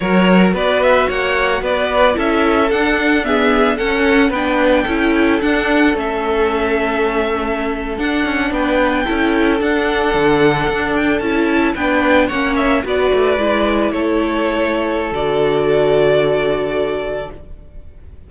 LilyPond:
<<
  \new Staff \with { instrumentName = "violin" } { \time 4/4 \tempo 4 = 111 cis''4 d''8 e''8 fis''4 d''4 | e''4 fis''4 e''4 fis''4 | g''2 fis''4 e''4~ | e''2~ e''8. fis''4 g''16~ |
g''4.~ g''16 fis''2~ fis''16~ | fis''16 g''8 a''4 g''4 fis''8 e''8 d''16~ | d''4.~ d''16 cis''2~ cis''16 | d''1 | }
  \new Staff \with { instrumentName = "violin" } { \time 4/4 ais'4 b'4 cis''4 b'4 | a'2 gis'4 a'4 | b'4 a'2.~ | a'2.~ a'8. b'16~ |
b'8. a'2.~ a'16~ | a'4.~ a'16 b'4 cis''4 b'16~ | b'4.~ b'16 a'2~ a'16~ | a'1 | }
  \new Staff \with { instrumentName = "viola" } { \time 4/4 fis'1 | e'4 d'4 b4 cis'4 | d'4 e'4 d'4 cis'4~ | cis'2~ cis'8. d'4~ d'16~ |
d'8. e'4 d'2~ d'16~ | d'8. e'4 d'4 cis'4 fis'16~ | fis'8. e'2.~ e'16 | fis'1 | }
  \new Staff \with { instrumentName = "cello" } { \time 4/4 fis4 b4 ais4 b4 | cis'4 d'2 cis'4 | b4 cis'4 d'4 a4~ | a2~ a8. d'8 cis'8 b16~ |
b8. cis'4 d'4 d4 d'16~ | d'8. cis'4 b4 ais4 b16~ | b16 a8 gis4 a2~ a16 | d1 | }
>>